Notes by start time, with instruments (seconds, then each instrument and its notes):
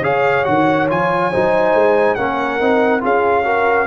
0.00 tuba C#3, trombone G#4, horn C#5, trumpet F5
0.44 tuba D#3, trombone F#4, trumpet F#5
0.89 tuba F3, trombone F4, trumpet G#5
1.31 tuba F#3, trombone D#4, horn C5
1.74 tuba G#3
2.15 tuba A#3, trombone C#4, horn A#4, trumpet F#5
2.60 tuba C4, trombone D#4
3.00 tuba C#4, trombone F4, horn G#4, trumpet F5
3.44 trombone F#4, horn A#4